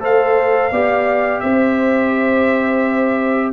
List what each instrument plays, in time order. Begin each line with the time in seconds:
0.00 tuba A3, trombone A4, horn C5, trumpet F5
0.72 tuba B3, trombone G4, horn D5
1.40 tuba C4, horn C5, trumpet E5